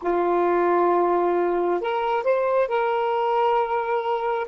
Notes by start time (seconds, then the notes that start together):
0.02 F4
1.80 A#4
2.23 C5
2.68 A#4